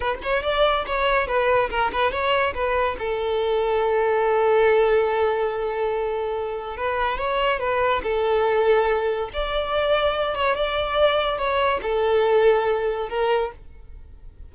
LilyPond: \new Staff \with { instrumentName = "violin" } { \time 4/4 \tempo 4 = 142 b'8 cis''8 d''4 cis''4 b'4 | ais'8 b'8 cis''4 b'4 a'4~ | a'1~ | a'1 |
b'4 cis''4 b'4 a'4~ | a'2 d''2~ | d''8 cis''8 d''2 cis''4 | a'2. ais'4 | }